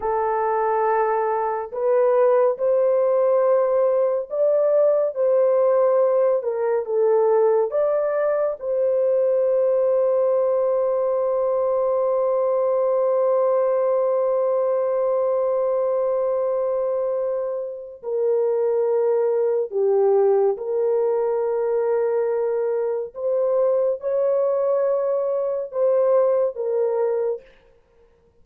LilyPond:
\new Staff \with { instrumentName = "horn" } { \time 4/4 \tempo 4 = 70 a'2 b'4 c''4~ | c''4 d''4 c''4. ais'8 | a'4 d''4 c''2~ | c''1~ |
c''1~ | c''4 ais'2 g'4 | ais'2. c''4 | cis''2 c''4 ais'4 | }